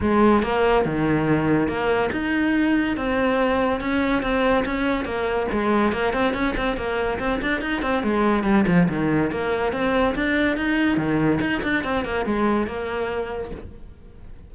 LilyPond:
\new Staff \with { instrumentName = "cello" } { \time 4/4 \tempo 4 = 142 gis4 ais4 dis2 | ais4 dis'2 c'4~ | c'4 cis'4 c'4 cis'4 | ais4 gis4 ais8 c'8 cis'8 c'8 |
ais4 c'8 d'8 dis'8 c'8 gis4 | g8 f8 dis4 ais4 c'4 | d'4 dis'4 dis4 dis'8 d'8 | c'8 ais8 gis4 ais2 | }